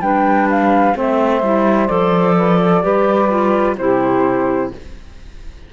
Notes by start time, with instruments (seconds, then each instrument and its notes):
0.00 cello G3, clarinet D4, saxophone B4, flute G5
0.50 flute F5
0.94 cello A3, clarinet C4, saxophone C5, flute E5
1.42 cello G3, clarinet E4
1.88 cello F3, clarinet A4, flute D5
2.37 saxophone B4
2.60 saxophone A4
2.82 cello G3, clarinet G4, saxophone B4
3.29 clarinet F4
3.77 cello C3, clarinet E4, saxophone G4, flute C5